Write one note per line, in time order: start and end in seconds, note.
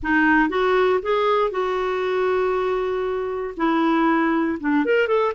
0.03 0.49 D#4
0.49 1.00 F#4
1.02 1.50 G#4
1.50 3.54 F#4
3.56 4.58 E4
4.59 4.85 D4
4.85 5.07 A#4
5.07 5.33 A4